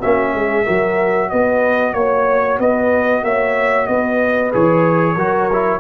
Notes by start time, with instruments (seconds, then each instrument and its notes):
0.00 tuba A#3, trombone C#4, horn F#4, trumpet E5
0.33 tuba G#3, horn G#4
0.64 tuba F#3, trombone F#4, horn A#4
1.30 tuba B3, horn B4, trumpet D#5
1.94 tuba A#3, trumpet C#5, horn C#5
2.59 tuba B3, horn B4, trumpet D#5
3.23 tuba A#3, horn C#5, trumpet E5
3.87 tuba B3, horn B4, trumpet D#5
4.52 tuba E3, trombone G#4, trumpet C#5
5.16 tuba F#3, trombone F#4, horn A#4
5.53 trombone E4